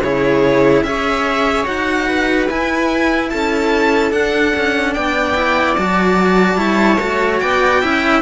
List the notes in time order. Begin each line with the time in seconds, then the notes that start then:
0.00 C#3 E4 G#4 C#5
0.83 C#4 G#4 C#5 E5
1.65 D#4 F#4 F#5
2.07 B4
2.49 E4 G#5
3.30 C#4 A4 A5
4.11 D4 F#5
4.57 C#4
4.94 B3 D5 G5
5.35 E4
5.76 F#3 F#4 A5
6.56 G3 E4 C#5
7.01 A3 F#4
7.40 B3 D5 G5
7.82 C#4 E4 E5